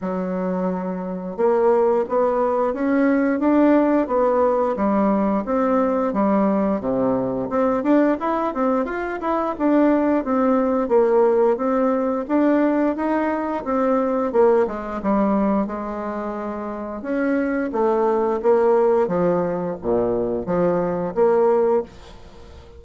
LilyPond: \new Staff \with { instrumentName = "bassoon" } { \time 4/4 \tempo 4 = 88 fis2 ais4 b4 | cis'4 d'4 b4 g4 | c'4 g4 c4 c'8 d'8 | e'8 c'8 f'8 e'8 d'4 c'4 |
ais4 c'4 d'4 dis'4 | c'4 ais8 gis8 g4 gis4~ | gis4 cis'4 a4 ais4 | f4 ais,4 f4 ais4 | }